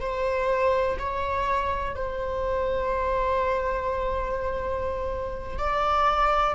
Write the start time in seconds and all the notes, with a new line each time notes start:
0.00 C5
0.99 C#5
1.95 C5
5.58 D5